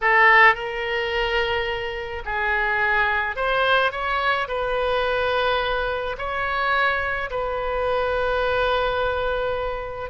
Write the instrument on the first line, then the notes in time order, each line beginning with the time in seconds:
oboe
0.01 A4
0.54 A#4
2.25 G#4
3.36 C5
3.91 C#5
4.48 B4
6.18 C#5
7.30 B4